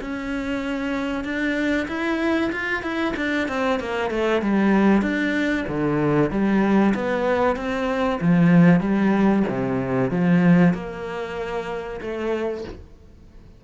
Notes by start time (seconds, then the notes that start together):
0.00 C#4
1.23 D4
1.87 E4
2.52 F4
2.82 E4
3.16 D4
3.48 C4
3.79 A#3
4.10 A3
4.41 G3
5.02 D4
5.67 D3
6.30 G3
6.94 B3
7.56 C4
8.20 F3
8.80 G3
9.48 C3
10.10 F3
10.73 A#3
12.01 A3